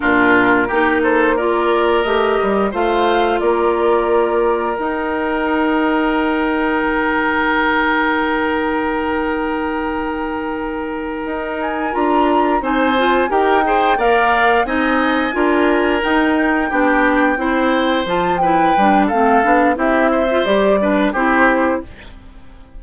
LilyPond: <<
  \new Staff \with { instrumentName = "flute" } { \time 4/4 \tempo 4 = 88 ais'4. c''8 d''4 dis''4 | f''4 d''2 g''4~ | g''1~ | g''1~ |
g''4 gis''8 ais''4 gis''4 g''8~ | g''8 f''4 gis''2 g''8~ | g''2~ g''8 a''8 g''4 | f''4 e''4 d''4 c''4 | }
  \new Staff \with { instrumentName = "oboe" } { \time 4/4 f'4 g'8 a'8 ais'2 | c''4 ais'2.~ | ais'1~ | ais'1~ |
ais'2~ ais'8 c''4 ais'8 | c''8 d''4 dis''4 ais'4.~ | ais'8 g'4 c''4. b'4 | a'4 g'8 c''4 b'8 g'4 | }
  \new Staff \with { instrumentName = "clarinet" } { \time 4/4 d'4 dis'4 f'4 g'4 | f'2. dis'4~ | dis'1~ | dis'1~ |
dis'4. f'4 dis'8 f'8 g'8 | gis'8 ais'4 dis'4 f'4 dis'8~ | dis'8 d'4 e'4 f'8 e'8 d'8 | c'8 d'8 e'8. f'16 g'8 d'8 e'4 | }
  \new Staff \with { instrumentName = "bassoon" } { \time 4/4 ais,4 ais2 a8 g8 | a4 ais2 dis'4~ | dis'2 dis2~ | dis1~ |
dis8 dis'4 d'4 c'4 dis'8~ | dis'8 ais4 c'4 d'4 dis'8~ | dis'8 b4 c'4 f4 g8 | a8 b8 c'4 g4 c'4 | }
>>